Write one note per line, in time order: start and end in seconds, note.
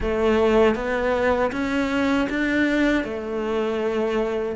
0.00 0.75 A3
0.75 1.51 B3
1.52 2.28 C#4
2.29 3.04 D4
3.04 4.55 A3